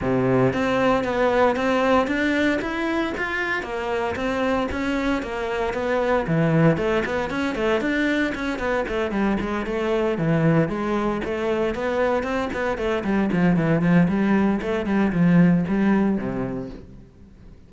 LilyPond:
\new Staff \with { instrumentName = "cello" } { \time 4/4 \tempo 4 = 115 c4 c'4 b4 c'4 | d'4 e'4 f'4 ais4 | c'4 cis'4 ais4 b4 | e4 a8 b8 cis'8 a8 d'4 |
cis'8 b8 a8 g8 gis8 a4 e8~ | e8 gis4 a4 b4 c'8 | b8 a8 g8 f8 e8 f8 g4 | a8 g8 f4 g4 c4 | }